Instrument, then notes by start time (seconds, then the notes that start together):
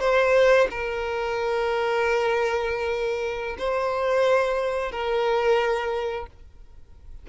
violin
0.00 C5
0.70 A#4
3.59 C5
4.92 A#4